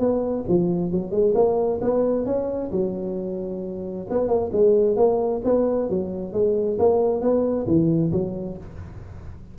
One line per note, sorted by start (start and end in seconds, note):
0.00 0.45 B3
0.49 0.92 F3
0.92 1.12 F#3
1.12 1.34 G#3
1.35 1.80 A#3
1.82 2.26 B3
2.26 2.71 C#4
2.72 4.07 F#3
4.10 4.28 B3
4.28 4.51 A#3
4.53 4.97 G#3
4.97 5.42 A#3
5.45 5.90 B3
5.90 6.33 F#3
6.33 6.78 G#3
6.79 7.22 A#3
7.22 7.67 B3
7.67 8.12 E3
8.12 8.58 F#3